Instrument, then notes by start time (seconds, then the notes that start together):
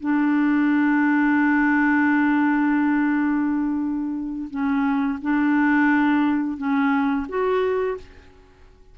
clarinet
0.00 D4
4.50 C#4
5.22 D4
6.57 C#4
7.28 F#4